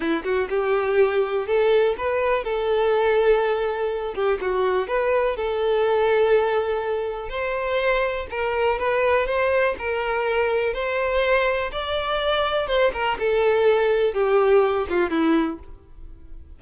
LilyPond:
\new Staff \with { instrumentName = "violin" } { \time 4/4 \tempo 4 = 123 e'8 fis'8 g'2 a'4 | b'4 a'2.~ | a'8 g'8 fis'4 b'4 a'4~ | a'2. c''4~ |
c''4 ais'4 b'4 c''4 | ais'2 c''2 | d''2 c''8 ais'8 a'4~ | a'4 g'4. f'8 e'4 | }